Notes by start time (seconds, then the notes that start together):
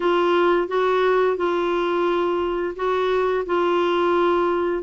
0.00 F4
0.68 F#4
1.36 F4
2.76 F#4
3.45 F4